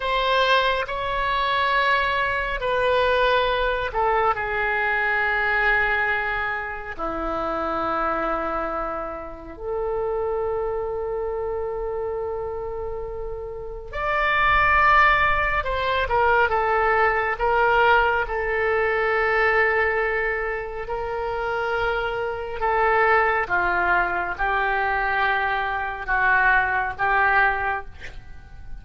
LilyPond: \new Staff \with { instrumentName = "oboe" } { \time 4/4 \tempo 4 = 69 c''4 cis''2 b'4~ | b'8 a'8 gis'2. | e'2. a'4~ | a'1 |
d''2 c''8 ais'8 a'4 | ais'4 a'2. | ais'2 a'4 f'4 | g'2 fis'4 g'4 | }